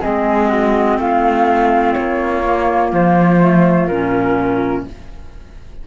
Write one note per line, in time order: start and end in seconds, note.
0.00 0.98 G#3
0.00 2.44 C4
0.00 0.48 G#4
0.00 0.99 D#5
0.49 0.97 F#4
0.98 1.94 A3
0.98 4.86 F4
0.98 1.93 F5
1.93 2.92 A#3
1.93 2.90 C#5
2.45 3.40 A#3
2.92 3.87 F3
2.92 3.86 C5
3.40 3.88 A3
3.86 4.84 A#2
3.86 4.87 C#4
3.86 4.83 A#4